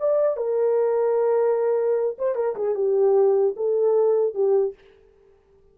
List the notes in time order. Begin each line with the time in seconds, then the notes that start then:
0.00 D5
0.37 A#4
2.19 C5
2.36 A#4
2.56 G#4
2.75 G4
3.57 A4
4.35 G4